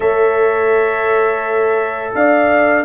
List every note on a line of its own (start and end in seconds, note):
0.00 2.13 A3
0.00 2.85 A4
0.00 2.13 C#5
0.00 2.14 E5
2.14 2.85 D4
2.14 2.85 D5
2.14 2.85 F5